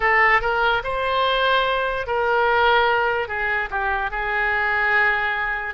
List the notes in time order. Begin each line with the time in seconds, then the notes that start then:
0.00 A4
0.41 A#4
0.83 C5
2.07 A#4
3.28 G#4
3.70 G4
4.10 G#4